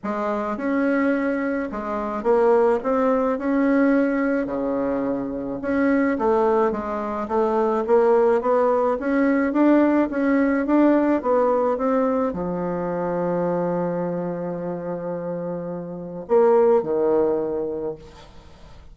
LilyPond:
\new Staff \with { instrumentName = "bassoon" } { \time 4/4 \tempo 4 = 107 gis4 cis'2 gis4 | ais4 c'4 cis'2 | cis2 cis'4 a4 | gis4 a4 ais4 b4 |
cis'4 d'4 cis'4 d'4 | b4 c'4 f2~ | f1~ | f4 ais4 dis2 | }